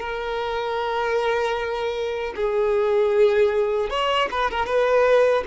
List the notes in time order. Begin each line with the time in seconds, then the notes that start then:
0.00 A#4
2.36 G#4
3.90 C#5
4.31 B4
4.51 A#4
4.66 B4